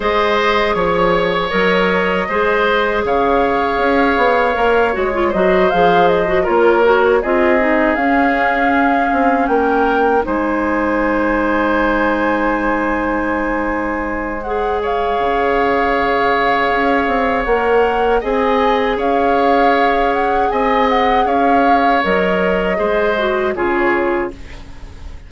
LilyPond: <<
  \new Staff \with { instrumentName = "flute" } { \time 4/4 \tempo 4 = 79 dis''4 cis''4 dis''2 | f''2~ f''8 cis''8 dis''8 f''8 | dis''8 cis''4 dis''4 f''4.~ | f''8 g''4 gis''2~ gis''8~ |
gis''2. fis''8 f''8~ | f''2. fis''4 | gis''4 f''4. fis''8 gis''8 fis''8 | f''4 dis''2 cis''4 | }
  \new Staff \with { instrumentName = "oboe" } { \time 4/4 c''4 cis''2 c''4 | cis''2. c''4~ | c''8 ais'4 gis'2~ gis'8~ | gis'8 ais'4 c''2~ c''8~ |
c''2.~ c''8 cis''8~ | cis''1 | dis''4 cis''2 dis''4 | cis''2 c''4 gis'4 | }
  \new Staff \with { instrumentName = "clarinet" } { \time 4/4 gis'2 ais'4 gis'4~ | gis'2 ais'8 fis'16 f'16 fis'8 gis'8~ | gis'16 fis'16 f'8 fis'8 f'8 dis'8 cis'4.~ | cis'4. dis'2~ dis'8~ |
dis'2. gis'4~ | gis'2. ais'4 | gis'1~ | gis'4 ais'4 gis'8 fis'8 f'4 | }
  \new Staff \with { instrumentName = "bassoon" } { \time 4/4 gis4 f4 fis4 gis4 | cis4 cis'8 b8 ais8 gis8 fis8 f8~ | f8 ais4 c'4 cis'4. | c'8 ais4 gis2~ gis8~ |
gis1 | cis2 cis'8 c'8 ais4 | c'4 cis'2 c'4 | cis'4 fis4 gis4 cis4 | }
>>